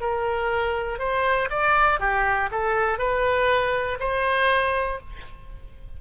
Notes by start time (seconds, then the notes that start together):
0.00 A#4
0.98 C5
1.50 D5
2.00 G4
2.50 A4
2.98 B4
3.99 C5